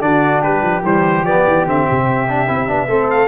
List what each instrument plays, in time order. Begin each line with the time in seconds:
0.00 tuba D3, trombone D4, flute F#4, trumpet D5
0.41 tuba G3, flute G4, trumpet B4
0.62 tuba F3
0.83 tuba E3, trombone G3, trumpet C5
1.22 tuba F3, trombone B3, trumpet D5
1.47 tuba E3
1.66 tuba D3, trombone C4, trumpet E5
1.91 tuba C3
2.28 trombone D4
2.47 tuba C4, trombone E4
2.67 tuba B3, trombone D4
2.88 tuba A3, trombone C4, flute A4
3.10 trumpet F5